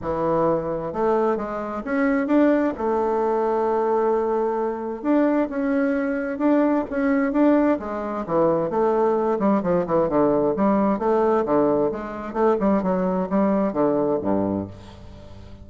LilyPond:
\new Staff \with { instrumentName = "bassoon" } { \time 4/4 \tempo 4 = 131 e2 a4 gis4 | cis'4 d'4 a2~ | a2. d'4 | cis'2 d'4 cis'4 |
d'4 gis4 e4 a4~ | a8 g8 f8 e8 d4 g4 | a4 d4 gis4 a8 g8 | fis4 g4 d4 g,4 | }